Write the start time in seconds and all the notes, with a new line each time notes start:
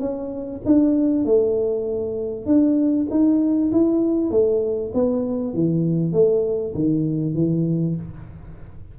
0.00 C#4
0.66 D4
1.26 A3
2.46 D4
3.11 D#4
3.72 E4
4.31 A3
4.94 B3
5.54 E3
6.13 A3
6.75 D#3
7.35 E3